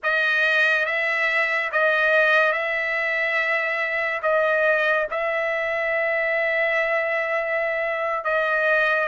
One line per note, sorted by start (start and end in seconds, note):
0.03 0.85 D#5
0.85 1.70 E5
1.72 2.52 D#5
2.52 4.21 E5
4.22 5.06 D#5
5.10 8.24 E5
8.24 9.08 D#5